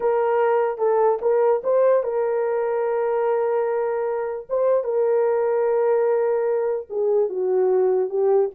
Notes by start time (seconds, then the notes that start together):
0.00 A#4
0.78 A4
1.21 A#4
1.63 C5
2.03 A#4
4.49 C5
4.84 A#4
6.89 G#4
7.29 F#4
8.09 G4